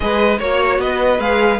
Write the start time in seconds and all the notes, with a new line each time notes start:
0.00 G#3 G#4 B4 D#5
0.38 A#3 F#4 C#5
0.78 B3 B4 D#5
1.18 G#3 G#4 F5